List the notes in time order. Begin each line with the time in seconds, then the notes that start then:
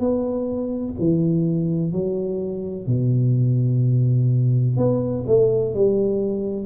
0.00 B3
0.99 E3
1.92 F#3
2.87 B2
4.77 B3
5.27 A3
5.74 G3